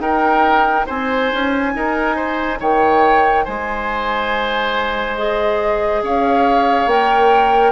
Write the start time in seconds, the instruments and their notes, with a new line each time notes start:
0.00 bassoon D#4, clarinet D#4, oboe A#4, flute G5
0.86 bassoon C4, oboe C5, flute G#5
1.33 bassoon C#4
1.74 bassoon D#4, oboe A#4
2.16 oboe C5
2.60 bassoon D#3, oboe C#5, flute G5
3.45 bassoon G#3, oboe C5, flute G#5
5.17 clarinet G#4, flute D#5
6.03 bassoon C#4, oboe C#5, flute F5
6.86 bassoon A#3, clarinet A#4, flute G5